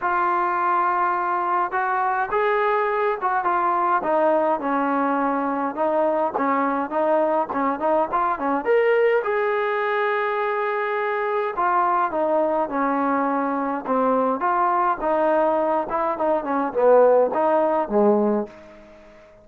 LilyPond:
\new Staff \with { instrumentName = "trombone" } { \time 4/4 \tempo 4 = 104 f'2. fis'4 | gis'4. fis'8 f'4 dis'4 | cis'2 dis'4 cis'4 | dis'4 cis'8 dis'8 f'8 cis'8 ais'4 |
gis'1 | f'4 dis'4 cis'2 | c'4 f'4 dis'4. e'8 | dis'8 cis'8 b4 dis'4 gis4 | }